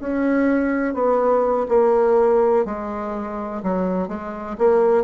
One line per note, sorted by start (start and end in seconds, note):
0.00 0.95 C#4
0.95 1.67 B3
1.69 2.66 A#3
2.66 3.62 G#3
3.63 4.08 F#3
4.08 4.57 G#3
4.58 5.04 A#3